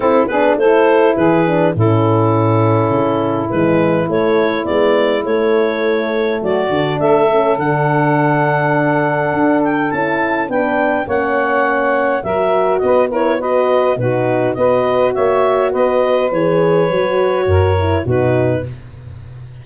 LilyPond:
<<
  \new Staff \with { instrumentName = "clarinet" } { \time 4/4 \tempo 4 = 103 a'8 b'8 c''4 b'4 a'4~ | a'2 b'4 cis''4 | d''4 cis''2 d''4 | e''4 fis''2.~ |
fis''8 g''8 a''4 g''4 fis''4~ | fis''4 e''4 dis''8 cis''8 dis''4 | b'4 dis''4 e''4 dis''4 | cis''2. b'4 | }
  \new Staff \with { instrumentName = "saxophone" } { \time 4/4 e'8 gis'8 a'4 gis'4 e'4~ | e'1~ | e'2. fis'4 | a'1~ |
a'2 b'4 cis''4~ | cis''4 ais'4 b'8 ais'8 b'4 | fis'4 b'4 cis''4 b'4~ | b'2 ais'4 fis'4 | }
  \new Staff \with { instrumentName = "horn" } { \time 4/4 c'8 d'8 e'4. d'8 cis'4~ | cis'2 gis4 a4 | b4 a2~ a8 d'8~ | d'8 cis'8 d'2.~ |
d'4 e'4 d'4 cis'4~ | cis'4 fis'4. e'8 fis'4 | dis'4 fis'2. | gis'4 fis'4. e'8 dis'4 | }
  \new Staff \with { instrumentName = "tuba" } { \time 4/4 c'8 b8 a4 e4 a,4~ | a,4 cis4 e4 a4 | gis4 a2 fis8 d8 | a4 d2. |
d'4 cis'4 b4 ais4~ | ais4 fis4 b2 | b,4 b4 ais4 b4 | e4 fis4 fis,4 b,4 | }
>>